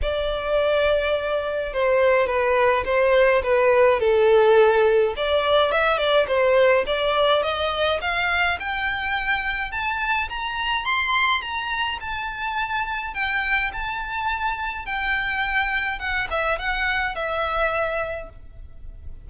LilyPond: \new Staff \with { instrumentName = "violin" } { \time 4/4 \tempo 4 = 105 d''2. c''4 | b'4 c''4 b'4 a'4~ | a'4 d''4 e''8 d''8 c''4 | d''4 dis''4 f''4 g''4~ |
g''4 a''4 ais''4 c'''4 | ais''4 a''2 g''4 | a''2 g''2 | fis''8 e''8 fis''4 e''2 | }